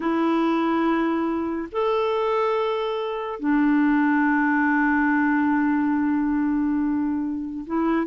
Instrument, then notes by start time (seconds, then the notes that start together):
clarinet
0.00 E4
1.72 A4
3.39 D4
7.66 E4